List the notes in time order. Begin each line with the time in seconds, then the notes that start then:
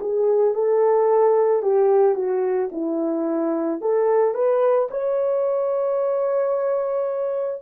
0.00 G#4
0.54 A4
1.62 G4
2.15 F#4
2.72 E4
3.81 A4
4.34 B4
4.90 C#5